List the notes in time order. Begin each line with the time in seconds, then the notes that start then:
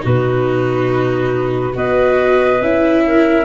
0.00 B2 D#4 F#4 B4
1.74 B3 F#4 B4 D#5
2.61 C#4 E4 E5
3.06 A#4